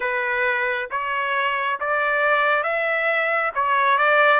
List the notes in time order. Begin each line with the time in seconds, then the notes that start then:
0.00 B4
0.91 C#5
1.80 D5
2.63 E5
3.55 C#5
3.98 D5